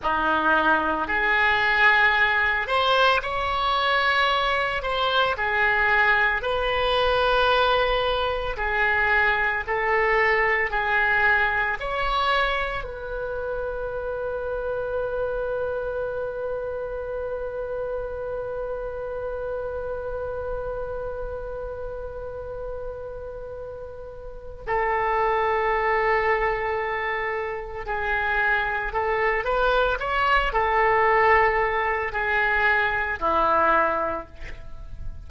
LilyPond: \new Staff \with { instrumentName = "oboe" } { \time 4/4 \tempo 4 = 56 dis'4 gis'4. c''8 cis''4~ | cis''8 c''8 gis'4 b'2 | gis'4 a'4 gis'4 cis''4 | b'1~ |
b'1~ | b'2. a'4~ | a'2 gis'4 a'8 b'8 | cis''8 a'4. gis'4 e'4 | }